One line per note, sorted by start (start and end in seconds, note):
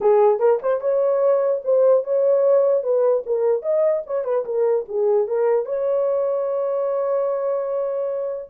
0.00 0.39 G#4
0.39 0.59 A#4
0.62 0.80 C5
0.80 1.61 C#5
1.64 2.04 C5
2.04 2.83 C#5
2.83 3.23 B4
3.26 3.62 A#4
3.62 4.02 D#5
4.06 4.24 C#5
4.24 4.44 B4
4.45 4.85 A#4
4.88 5.27 G#4
5.27 5.65 A#4
5.65 8.49 C#5